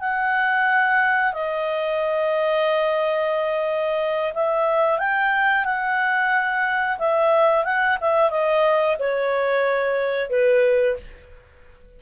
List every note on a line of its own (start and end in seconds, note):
0.00 1.33 F#5
1.33 4.33 D#5
4.34 4.98 E5
4.98 5.65 G5
5.65 6.98 F#5
6.98 7.64 E5
7.64 7.98 F#5
8.00 8.30 E5
8.30 8.97 D#5
8.99 10.30 C#5
10.30 10.96 B4